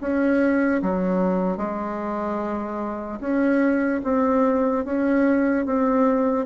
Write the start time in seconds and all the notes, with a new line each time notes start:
0.00 C#4
0.82 F#3
1.57 G#3
3.20 C#4
4.04 C4
4.85 C#4
5.65 C4